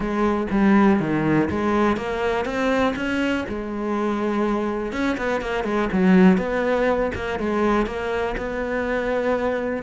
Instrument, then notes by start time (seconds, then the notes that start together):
cello
0.00 G#3
0.51 G3
0.99 D#3
1.50 G#3
1.96 A#3
2.45 C4
2.96 C#4
3.48 G#3
4.92 C#4
5.17 B3
5.41 A#3
5.64 G#3
5.92 F#3
6.37 B3
7.14 A#3
7.39 G#3
7.86 A#3
8.37 B3